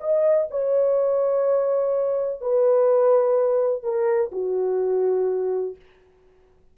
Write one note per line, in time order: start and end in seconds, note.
0.00 0.48 D#5
0.51 2.41 C#5
2.41 3.83 B4
3.83 4.31 A#4
4.32 5.76 F#4